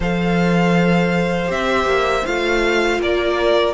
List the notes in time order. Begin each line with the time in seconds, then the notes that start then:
0.00 F3 A4 C5 F5
1.47 C4 G4 E5
1.85 A#3
2.25 A3 F4 F5
2.98 A#3 A#4 D5